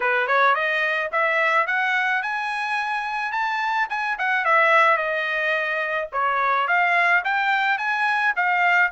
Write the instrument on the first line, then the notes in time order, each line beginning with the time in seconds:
trumpet
0.00 B4
0.27 C#5
0.55 D#5
1.11 E5
1.66 F#5
2.22 G#5
3.32 A5
3.89 G#5
4.18 F#5
4.44 E5
4.97 D#5
6.12 C#5
6.67 F5
7.24 G5
7.78 G#5
8.36 F5